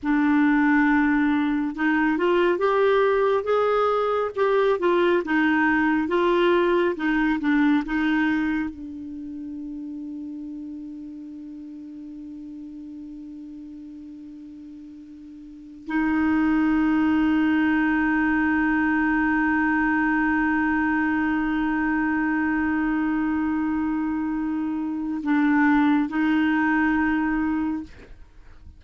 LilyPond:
\new Staff \with { instrumentName = "clarinet" } { \time 4/4 \tempo 4 = 69 d'2 dis'8 f'8 g'4 | gis'4 g'8 f'8 dis'4 f'4 | dis'8 d'8 dis'4 d'2~ | d'1~ |
d'2~ d'16 dis'4.~ dis'16~ | dis'1~ | dis'1~ | dis'4 d'4 dis'2 | }